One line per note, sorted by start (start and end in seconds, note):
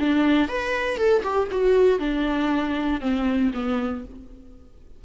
0.00 0.49 D4
0.49 0.97 B4
0.97 1.23 A4
1.23 1.49 G4
1.51 2.00 F#4
2.00 3.01 D4
3.01 3.52 C4
3.54 4.05 B3